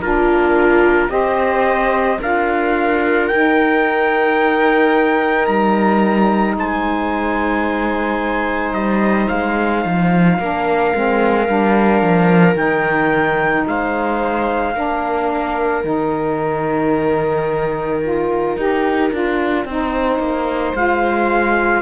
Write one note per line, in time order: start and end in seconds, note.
0.00 1.09 A#3
0.00 1.08 D4
0.00 1.12 F4
0.00 1.10 A#4
1.08 2.18 C4
1.08 2.17 G4
1.08 2.20 C5
1.08 2.19 D#5
2.20 3.31 D4
2.20 3.31 F4
2.20 6.57 A#4
2.20 3.28 F5
3.28 10.40 D#4
3.28 5.47 D#4
3.28 5.46 G5
5.46 6.57 G3
5.46 6.55 A#5
6.57 8.72 G#3
6.57 10.39 C5
6.57 8.74 G#5
8.72 9.27 G3
8.72 9.28 D#5
9.28 9.85 G#3
9.28 12.56 F5
9.85 10.39 F3
10.39 10.94 A#3
10.39 10.94 D4
10.39 13.67 A#4
10.94 11.48 G#3
10.94 11.47 C4
11.47 12.02 G3
11.47 12.55 D4
12.02 12.55 F3
12.55 13.64 D#3
12.55 14.73 D#4
12.55 13.66 G5
13.67 14.75 G#3
13.67 14.76 C5
13.67 15.85 F5
14.74 15.84 A#3
14.74 15.83 D4
14.74 19.67 A#4
15.83 18.57 D#3
15.83 18.01 D#4
15.83 20.76 G5
18.02 18.57 F4
18.57 19.11 D#4
18.57 19.11 G4
19.11 19.65 D4
19.11 19.66 F4
19.65 20.19 C4
19.65 20.75 D#4
19.65 21.82 C5
20.19 20.74 A#3
20.74 21.82 G#3
20.74 21.82 F4
20.74 21.82 F5